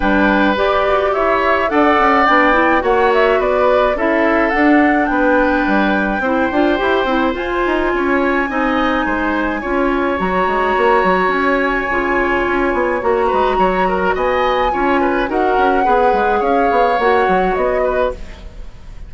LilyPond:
<<
  \new Staff \with { instrumentName = "flute" } { \time 4/4 \tempo 4 = 106 g''4 d''4 e''4 fis''4 | g''4 fis''8 e''8 d''4 e''4 | fis''4 g''2.~ | g''4 gis''2.~ |
gis''2 ais''2 | gis''2. ais''4~ | ais''4 gis''2 fis''4~ | fis''4 f''4 fis''4 dis''4 | }
  \new Staff \with { instrumentName = "oboe" } { \time 4/4 b'2 cis''4 d''4~ | d''4 cis''4 b'4 a'4~ | a'4 b'2 c''4~ | c''2 cis''4 dis''4 |
c''4 cis''2.~ | cis''2.~ cis''8 b'8 | cis''8 ais'8 dis''4 cis''8 b'8 ais'4 | b'4 cis''2~ cis''8 b'8 | }
  \new Staff \with { instrumentName = "clarinet" } { \time 4/4 d'4 g'2 a'4 | d'8 e'8 fis'2 e'4 | d'2. e'8 f'8 | g'8 e'8 f'2 dis'4~ |
dis'4 f'4 fis'2~ | fis'4 f'2 fis'4~ | fis'2 f'4 fis'4 | gis'2 fis'2 | }
  \new Staff \with { instrumentName = "bassoon" } { \time 4/4 g4 g'8 fis'8 e'4 d'8 cis'8 | b4 ais4 b4 cis'4 | d'4 b4 g4 c'8 d'8 | e'8 c'8 f'8 dis'8 cis'4 c'4 |
gis4 cis'4 fis8 gis8 ais8 fis8 | cis'4 cis4 cis'8 b8 ais8 gis8 | fis4 b4 cis'4 dis'8 cis'8 | b8 gis8 cis'8 b8 ais8 fis8 b4 | }
>>